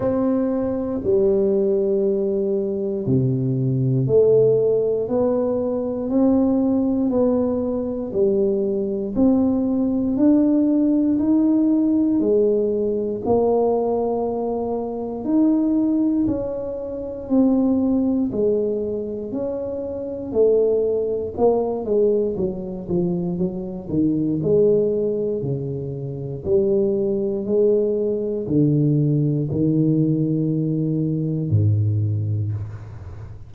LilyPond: \new Staff \with { instrumentName = "tuba" } { \time 4/4 \tempo 4 = 59 c'4 g2 c4 | a4 b4 c'4 b4 | g4 c'4 d'4 dis'4 | gis4 ais2 dis'4 |
cis'4 c'4 gis4 cis'4 | a4 ais8 gis8 fis8 f8 fis8 dis8 | gis4 cis4 g4 gis4 | d4 dis2 gis,4 | }